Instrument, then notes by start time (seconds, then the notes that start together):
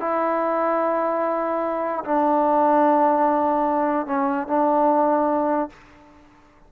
trombone
0.00 E4
2.05 D4
4.07 C#4
4.47 D4